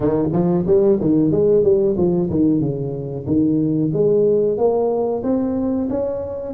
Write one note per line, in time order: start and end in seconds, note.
0.00 0.30 D#3
0.32 0.65 F3
0.66 0.99 G3
1.00 1.31 D#3
1.31 1.63 G#3
1.63 1.96 G3
1.97 2.29 F3
2.30 2.60 D#3
2.60 3.25 C#3
3.26 3.91 D#3
3.93 4.57 G#3
4.57 5.22 A#3
5.23 5.88 C4
5.89 6.53 C#4